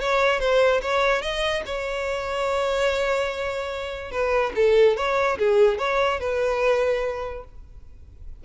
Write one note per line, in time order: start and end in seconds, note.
0.00 0.39 C#5
0.39 0.81 C5
0.81 1.22 C#5
1.22 1.63 D#5
1.65 4.11 C#5
4.11 4.52 B4
4.55 4.96 A4
4.96 5.38 C#5
5.38 5.78 G#4
5.78 6.19 C#5
6.20 7.44 B4